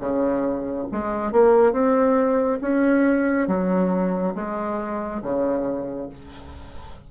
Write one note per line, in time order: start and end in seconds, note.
0.00 0.87 C#3
0.92 1.33 G#3
1.33 1.73 A#3
1.73 2.60 C4
2.62 3.48 C#4
3.48 4.35 F#3
4.36 5.23 G#3
5.23 6.10 C#3